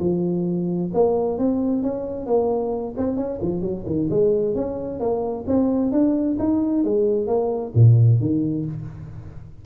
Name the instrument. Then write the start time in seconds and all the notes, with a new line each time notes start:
tuba
0.00 F3
0.94 A#3
1.38 C4
1.83 C#4
2.26 A#3
2.97 C4
3.17 C#4
3.41 F3
3.62 F#3
3.86 D#3
4.10 G#3
4.55 C#4
5.00 A#3
5.47 C4
5.92 D4
6.39 D#4
6.85 G#3
7.27 A#3
7.75 A#2
8.20 D#3